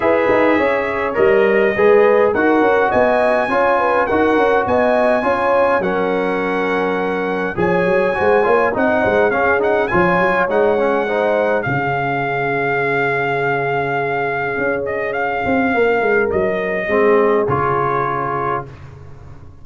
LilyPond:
<<
  \new Staff \with { instrumentName = "trumpet" } { \time 4/4 \tempo 4 = 103 e''2 dis''2 | fis''4 gis''2 fis''4 | gis''2 fis''2~ | fis''4 gis''2 fis''4 |
f''8 fis''8 gis''4 fis''2 | f''1~ | f''4. dis''8 f''2 | dis''2 cis''2 | }
  \new Staff \with { instrumentName = "horn" } { \time 4/4 b'4 cis''2 b'4 | ais'4 dis''4 cis''8 b'8 ais'4 | dis''4 cis''4 ais'2~ | ais'4 cis''4 c''8 cis''8 dis''8 c''8 |
gis'4 cis''2 c''4 | gis'1~ | gis'2. ais'4~ | ais'4 gis'2. | }
  \new Staff \with { instrumentName = "trombone" } { \time 4/4 gis'2 ais'4 gis'4 | fis'2 f'4 fis'4~ | fis'4 f'4 cis'2~ | cis'4 gis'4 fis'8 f'8 dis'4 |
cis'8 dis'8 f'4 dis'8 cis'8 dis'4 | cis'1~ | cis'1~ | cis'4 c'4 f'2 | }
  \new Staff \with { instrumentName = "tuba" } { \time 4/4 e'8 dis'8 cis'4 g4 gis4 | dis'8 cis'8 b4 cis'4 dis'8 cis'8 | b4 cis'4 fis2~ | fis4 f8 fis8 gis8 ais8 c'8 gis8 |
cis'4 f8 fis8 gis2 | cis1~ | cis4 cis'4. c'8 ais8 gis8 | fis4 gis4 cis2 | }
>>